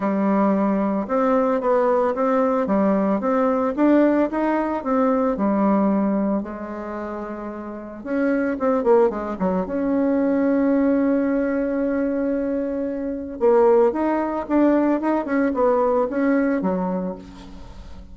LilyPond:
\new Staff \with { instrumentName = "bassoon" } { \time 4/4 \tempo 4 = 112 g2 c'4 b4 | c'4 g4 c'4 d'4 | dis'4 c'4 g2 | gis2. cis'4 |
c'8 ais8 gis8 fis8 cis'2~ | cis'1~ | cis'4 ais4 dis'4 d'4 | dis'8 cis'8 b4 cis'4 fis4 | }